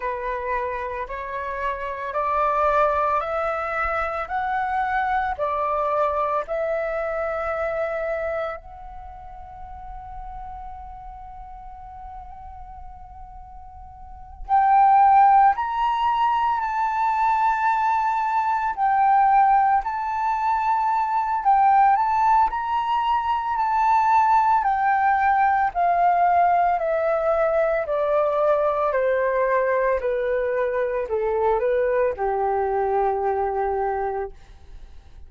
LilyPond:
\new Staff \with { instrumentName = "flute" } { \time 4/4 \tempo 4 = 56 b'4 cis''4 d''4 e''4 | fis''4 d''4 e''2 | fis''1~ | fis''4. g''4 ais''4 a''8~ |
a''4. g''4 a''4. | g''8 a''8 ais''4 a''4 g''4 | f''4 e''4 d''4 c''4 | b'4 a'8 b'8 g'2 | }